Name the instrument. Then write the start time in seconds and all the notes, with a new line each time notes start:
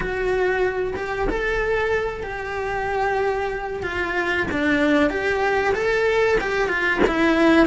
cello
0.00 F#4
0.96 G4
1.29 A4
2.23 G4
3.82 F4
4.51 D4
5.09 G4
5.74 A4
6.40 G4
6.68 F4
7.07 E4